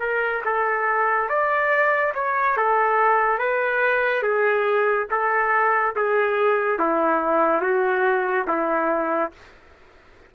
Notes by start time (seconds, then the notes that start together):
0.00 A#4
0.45 A4
1.29 D5
2.15 C#5
2.57 A4
3.39 B4
4.23 G#4
5.11 A4
5.96 G#4
6.80 E4
7.62 F#4
8.48 E4